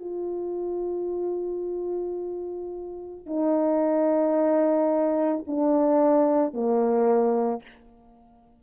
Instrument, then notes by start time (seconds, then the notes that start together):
horn
0.00 F4
3.27 D#4
5.47 D4
6.54 A#3